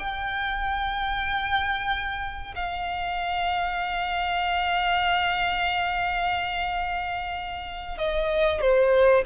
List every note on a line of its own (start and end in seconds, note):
0.00 2.55 G5
2.56 7.98 F5
7.98 8.61 D#5
8.61 9.25 C5